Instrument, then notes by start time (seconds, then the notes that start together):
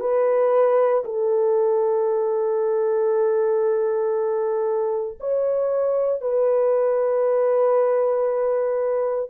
horn
0.00 B4
1.04 A4
5.20 C#5
6.21 B4